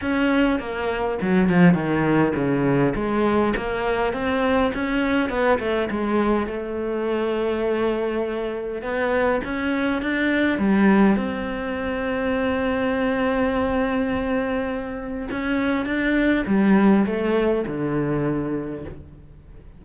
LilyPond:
\new Staff \with { instrumentName = "cello" } { \time 4/4 \tempo 4 = 102 cis'4 ais4 fis8 f8 dis4 | cis4 gis4 ais4 c'4 | cis'4 b8 a8 gis4 a4~ | a2. b4 |
cis'4 d'4 g4 c'4~ | c'1~ | c'2 cis'4 d'4 | g4 a4 d2 | }